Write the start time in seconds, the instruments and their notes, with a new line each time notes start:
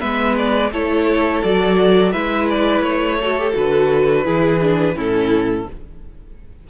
0.00 cello G#3, viola B3, violin B4 E5
0.37 violin D5
0.72 cello A3, viola E4, violin A4 C#5
1.44 cello F#3, viola F#4, violin D5
2.12 cello G#3, viola E4, violin B4 E5
2.49 violin D5
2.82 cello A3, violin C#5
3.20 viola F#4, violin A4
3.38 viola G4
3.54 cello D3, viola F#4, violin B4
4.24 cello E3, viola E4, violin G#4
4.62 viola D4
4.95 cello A2, viola C#4, violin E4 A4